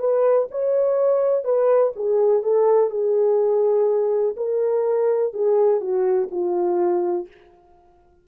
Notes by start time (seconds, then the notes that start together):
0.00 B4
0.51 C#5
1.45 B4
1.97 G#4
2.43 A4
2.91 G#4
4.37 A#4
5.34 G#4
5.81 F#4
6.31 F4